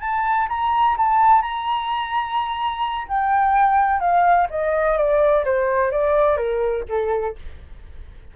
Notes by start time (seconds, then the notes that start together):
0.00 A5
0.48 A#5
0.97 A5
1.42 A#5
3.08 G5
3.99 F5
4.49 D#5
4.97 D5
5.44 C5
5.91 D5
6.36 A#4
6.88 A4